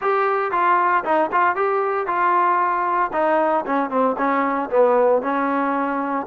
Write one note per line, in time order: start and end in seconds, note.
0.01 0.51 G4
0.51 1.03 F4
1.04 1.30 D#4
1.32 1.55 F4
1.55 2.07 G4
2.07 3.11 F4
3.12 3.65 D#4
3.65 3.90 C#4
3.90 4.16 C4
4.17 4.69 C#4
4.70 5.22 B3
5.22 6.26 C#4